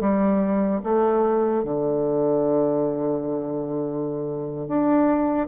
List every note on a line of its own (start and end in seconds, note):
0.00 0.81 G3
0.83 1.63 A3
1.63 4.67 D3
4.67 5.48 D4